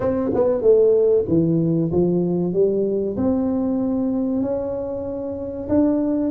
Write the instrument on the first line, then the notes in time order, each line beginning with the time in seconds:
tuba
0.00 C4
0.34 B3
0.61 A3
1.27 E3
1.91 F3
2.53 G3
3.17 C4
4.42 C#4
5.68 D4